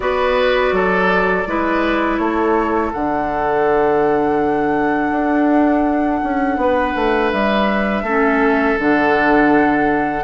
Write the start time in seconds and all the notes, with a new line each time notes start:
0.00 B3 F#4 B4 D5
0.72 F#3 A4
1.46 G#3 E4 B4
2.17 A3 A4 C#5
2.93 D3 D4 F#5
5.10 D4
6.23 C#4
6.56 B3 B4
6.95 A3
7.32 G3 E5
8.02 A3 C#4 A4
8.78 D3 D4 F#5